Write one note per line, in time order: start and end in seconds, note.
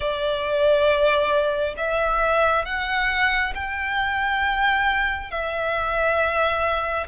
0.00 1.74 D5
1.77 2.65 E5
2.65 3.53 F#5
3.55 5.31 G5
5.31 7.07 E5